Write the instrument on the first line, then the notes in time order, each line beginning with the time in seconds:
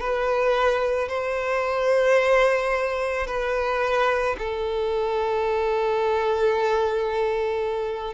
violin
0.00 B4
1.09 C5
3.27 B4
4.38 A4